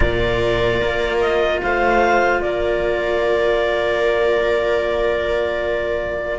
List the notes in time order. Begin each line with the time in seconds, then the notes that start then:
0.00 A#2 F4 A#4 D5
0.81 A#3
1.20 D#5
1.62 A3 C5 F5
2.41 A#3 A#4 D5